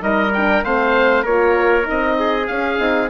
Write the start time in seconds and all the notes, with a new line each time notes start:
0.00 G3 D#4 A#4 D#5
0.33 D4 G5
0.63 A3 C4 C5 F5
1.23 A#3 F4 A#4 C#5
1.83 D#4 D#5
1.90 C4
2.19 G#4
2.47 C#4 F5
2.78 C4 D#4